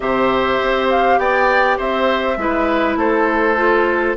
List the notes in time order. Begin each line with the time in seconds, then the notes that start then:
0.00 C3 G4 C5 E5
0.61 C4
0.89 F5
1.18 B3 D5 G5
1.77 C4 C5 E5
2.37 G#3 E4 B4
2.96 A3 A4 C5
3.56 F4